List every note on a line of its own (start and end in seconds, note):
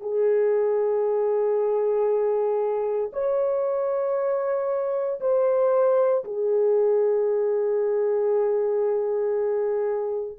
0.00 3.10 G#4
3.13 5.20 C#5
5.20 6.24 C5
6.24 10.38 G#4